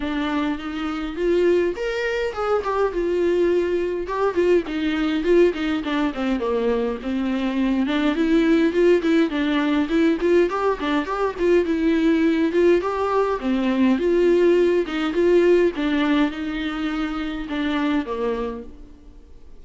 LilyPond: \new Staff \with { instrumentName = "viola" } { \time 4/4 \tempo 4 = 103 d'4 dis'4 f'4 ais'4 | gis'8 g'8 f'2 g'8 f'8 | dis'4 f'8 dis'8 d'8 c'8 ais4 | c'4. d'8 e'4 f'8 e'8 |
d'4 e'8 f'8 g'8 d'8 g'8 f'8 | e'4. f'8 g'4 c'4 | f'4. dis'8 f'4 d'4 | dis'2 d'4 ais4 | }